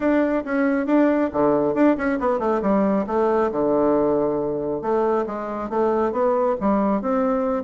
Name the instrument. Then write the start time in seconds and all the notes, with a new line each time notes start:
bassoon
0.00 D4
0.44 C#4
0.86 D4
1.32 D3
1.74 D4
1.97 C#4
2.19 B3
2.39 A3
2.62 G3
3.07 A3
3.51 D3
4.81 A3
5.26 G#3
5.69 A3
6.12 B3
6.60 G3
7.01 C4